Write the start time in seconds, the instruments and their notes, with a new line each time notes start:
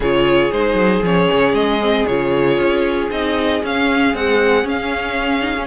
0.00 cello C#3, viola F4, violin G#4 C#5
0.51 cello G#3, viola D#4, violin C5
0.74 cello F#3
1.02 cello F3, viola C#4, violin C#5
1.31 cello C#3
1.53 cello G#3, violin D#5
1.80 viola C4
2.06 cello C#3, viola F4, violin C#5
2.57 cello C#4
3.10 cello C4, viola D#4, violin D#5
3.63 cello C#4, viola C#4, violin F5
4.14 viola G#3, cello C4, violin F#5
4.64 viola C#4, cello C#4, violin F5
5.41 viola D#4
5.57 viola C#4